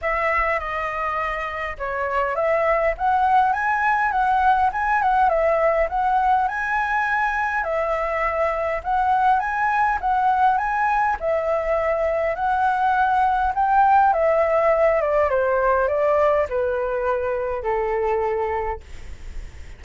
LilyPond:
\new Staff \with { instrumentName = "flute" } { \time 4/4 \tempo 4 = 102 e''4 dis''2 cis''4 | e''4 fis''4 gis''4 fis''4 | gis''8 fis''8 e''4 fis''4 gis''4~ | gis''4 e''2 fis''4 |
gis''4 fis''4 gis''4 e''4~ | e''4 fis''2 g''4 | e''4. d''8 c''4 d''4 | b'2 a'2 | }